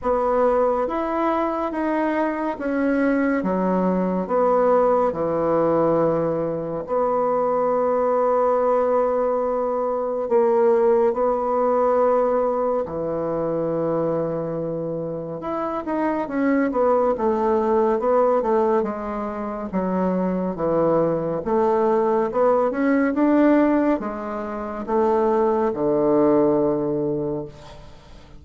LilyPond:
\new Staff \with { instrumentName = "bassoon" } { \time 4/4 \tempo 4 = 70 b4 e'4 dis'4 cis'4 | fis4 b4 e2 | b1 | ais4 b2 e4~ |
e2 e'8 dis'8 cis'8 b8 | a4 b8 a8 gis4 fis4 | e4 a4 b8 cis'8 d'4 | gis4 a4 d2 | }